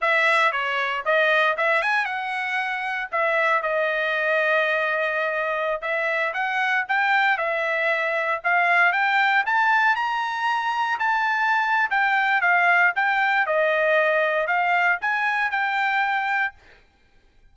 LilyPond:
\new Staff \with { instrumentName = "trumpet" } { \time 4/4 \tempo 4 = 116 e''4 cis''4 dis''4 e''8 gis''8 | fis''2 e''4 dis''4~ | dis''2.~ dis''16 e''8.~ | e''16 fis''4 g''4 e''4.~ e''16~ |
e''16 f''4 g''4 a''4 ais''8.~ | ais''4~ ais''16 a''4.~ a''16 g''4 | f''4 g''4 dis''2 | f''4 gis''4 g''2 | }